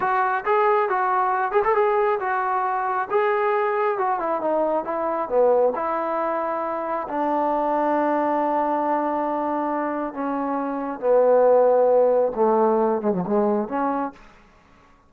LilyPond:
\new Staff \with { instrumentName = "trombone" } { \time 4/4 \tempo 4 = 136 fis'4 gis'4 fis'4. gis'16 a'16 | gis'4 fis'2 gis'4~ | gis'4 fis'8 e'8 dis'4 e'4 | b4 e'2. |
d'1~ | d'2. cis'4~ | cis'4 b2. | a4. gis16 fis16 gis4 cis'4 | }